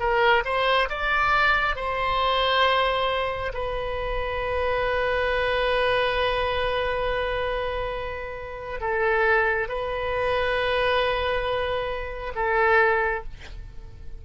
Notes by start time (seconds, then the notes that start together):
0.00 A#4
0.45 C5
0.89 D5
1.76 C5
3.54 B4
8.81 A4
9.69 B4
12.36 A4